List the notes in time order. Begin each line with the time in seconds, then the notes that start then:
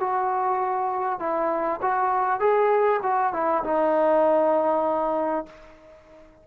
0.00 F#4
1.20 E4
1.82 F#4
2.40 G#4
3.03 F#4
3.33 E4
3.64 D#4